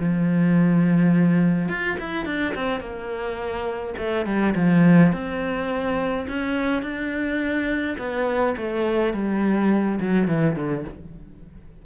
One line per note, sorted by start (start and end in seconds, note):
0.00 1.69 F3
1.69 1.97 F4
2.00 2.26 E4
2.26 2.55 D4
2.56 2.81 C4
2.81 3.95 A#3
3.98 4.26 A3
4.26 4.55 G3
4.56 5.13 F3
5.13 6.27 C4
6.29 6.83 C#4
6.83 7.97 D4
7.99 8.56 B3
8.57 9.14 A3
9.14 10.00 G3
10.01 10.28 F#3
10.28 10.56 E3
10.56 10.85 D3